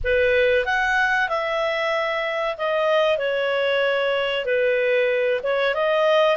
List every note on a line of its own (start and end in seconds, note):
0.03 0.65 B4
0.65 1.29 F#5
1.29 2.56 E5
2.57 3.18 D#5
3.18 4.45 C#5
4.45 5.41 B4
5.43 5.74 C#5
5.74 6.36 D#5